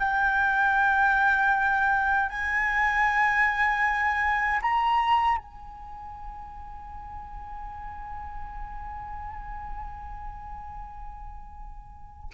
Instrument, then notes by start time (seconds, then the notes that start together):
flute
0.00 G5
2.30 G#5
4.62 A#5
5.38 G#5